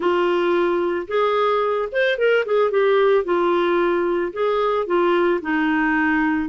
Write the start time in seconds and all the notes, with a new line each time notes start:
0.00 F4
1.07 G#4
1.92 C5
2.17 A#4
2.45 G#4
2.70 G4
3.24 F4
4.32 G#4
4.86 F4
5.41 D#4